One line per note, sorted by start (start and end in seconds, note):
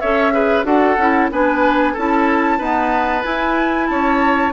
0.00 0.64 C#4
0.00 0.32 A4
0.00 0.33 C#5
0.00 0.65 E5
0.32 0.64 G#4
0.32 0.66 B4
0.64 0.97 D4
0.64 0.96 F#4
0.64 1.30 A4
0.64 1.29 F#5
0.97 1.30 C#4
0.97 1.31 E4
1.31 1.96 B3
1.31 1.96 D4
1.31 1.93 B4
1.31 1.96 G#5
1.93 2.59 C#4
1.93 2.60 E4
1.93 2.58 A4
1.93 3.24 A5
2.58 3.23 B3
2.58 3.24 D#4
2.58 3.87 B4
3.23 4.52 E4
3.23 3.90 E4
3.23 3.87 G#5
3.87 4.52 C#4
3.87 4.52 C#5
3.87 4.52 A5